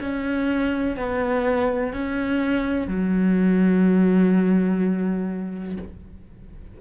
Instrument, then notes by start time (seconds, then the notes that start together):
cello
0.00 C#4
0.96 B3
1.93 C#4
2.87 F#3